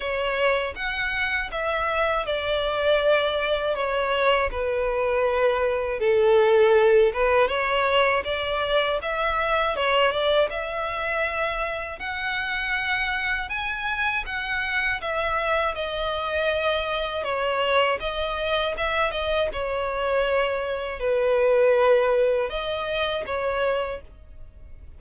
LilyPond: \new Staff \with { instrumentName = "violin" } { \time 4/4 \tempo 4 = 80 cis''4 fis''4 e''4 d''4~ | d''4 cis''4 b'2 | a'4. b'8 cis''4 d''4 | e''4 cis''8 d''8 e''2 |
fis''2 gis''4 fis''4 | e''4 dis''2 cis''4 | dis''4 e''8 dis''8 cis''2 | b'2 dis''4 cis''4 | }